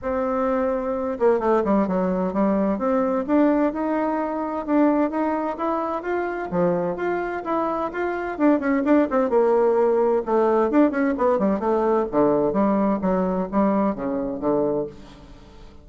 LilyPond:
\new Staff \with { instrumentName = "bassoon" } { \time 4/4 \tempo 4 = 129 c'2~ c'8 ais8 a8 g8 | fis4 g4 c'4 d'4 | dis'2 d'4 dis'4 | e'4 f'4 f4 f'4 |
e'4 f'4 d'8 cis'8 d'8 c'8 | ais2 a4 d'8 cis'8 | b8 g8 a4 d4 g4 | fis4 g4 cis4 d4 | }